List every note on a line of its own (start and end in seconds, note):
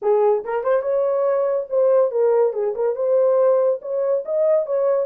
0.01 0.44 G#4
0.44 0.63 A#4
0.63 0.81 C5
0.81 1.66 C#5
1.69 2.11 C5
2.11 2.53 A#4
2.53 2.74 G#4
2.75 2.95 A#4
2.95 3.80 C5
3.81 4.23 C#5
4.25 4.66 D#5
4.66 5.06 C#5